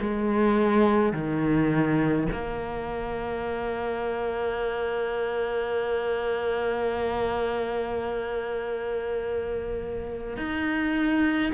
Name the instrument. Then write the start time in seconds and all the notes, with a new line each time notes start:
cello
0.00 G#3
1.13 D#3
2.32 A#3
10.37 D#4